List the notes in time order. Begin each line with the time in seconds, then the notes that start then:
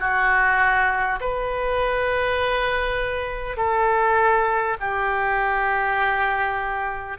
0.00 F#4
1.21 B4
3.57 A4
4.81 G4